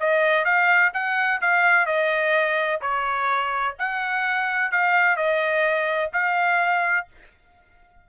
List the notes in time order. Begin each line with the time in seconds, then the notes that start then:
0.00 D#5
0.45 F5
0.93 F#5
1.41 F5
1.86 D#5
2.81 C#5
3.79 F#5
4.72 F5
5.16 D#5
6.13 F5